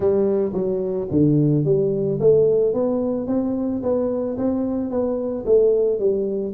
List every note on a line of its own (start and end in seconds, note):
0.00 0.52 G3
0.53 1.08 F#3
1.11 1.64 D3
1.64 2.19 G3
2.19 2.73 A3
2.73 3.27 B3
3.27 3.82 C4
3.82 4.37 B3
4.37 4.90 C4
4.90 5.44 B3
5.45 5.99 A3
5.99 6.53 G3